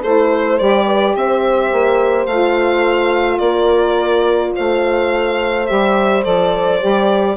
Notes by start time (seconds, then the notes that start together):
0.00 A3 E4 A4 C5
0.29 C5
0.59 G3 G4 D5
0.85 B4
1.15 C4 C5 E5
1.72 A#3
2.26 A3 F4 F5
3.38 A#3 A#4 D5
4.55 A3 C5 F5
5.66 G3 G4 E5
6.23 F3 A4 D5
6.80 G3 G4